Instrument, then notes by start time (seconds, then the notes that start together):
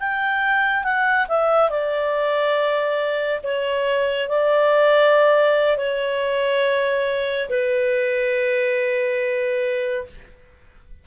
clarinet
0.00 G5
0.85 F#5
1.29 E5
1.70 D5
3.44 C#5
4.29 D5
5.78 C#5
7.50 B4